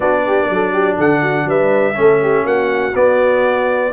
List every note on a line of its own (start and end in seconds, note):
0.00 0.48 B3
0.00 1.94 D4
0.00 0.25 F#4
0.00 0.97 D5
0.26 0.51 G4
0.49 0.98 F#3
0.49 0.72 A4
0.72 0.97 G4
0.97 1.44 D3
0.97 1.21 A4
0.97 1.49 F#5
1.22 1.47 F#4
1.44 1.94 G3
1.44 1.97 B4
1.44 2.46 E5
1.94 2.44 A3
1.94 2.92 C#4
1.94 2.21 A4
2.21 2.43 G4
2.43 2.93 A#3
2.43 3.91 F#4
2.43 2.95 F#5
2.94 3.92 B3
2.94 3.92 D5